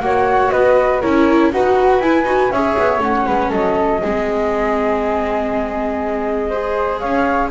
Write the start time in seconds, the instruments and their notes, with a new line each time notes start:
0.00 double bass A#3, viola F#4, flute C#5 F#5
0.50 double bass B3, flute B4 D#5
1.01 double bass C#4, viola E4, flute A#4 C#5
1.52 double bass D#4, viola F#4, flute B4 F#5
1.99 double bass E4, viola E4, flute G#5
2.24 double bass D#4, viola F#4
2.51 double bass C#4, viola G#4, flute C#5 E5
2.78 double bass B3
2.98 double bass A3, viola C#4, flute F#5
3.27 double bass G#3, flute B4
3.49 double bass F#3, flute A4 D#5
4.02 double bass G#3, viola C4, flute G#4
6.49 viola G#4, flute C5
6.99 double bass C#4, flute C#5 F5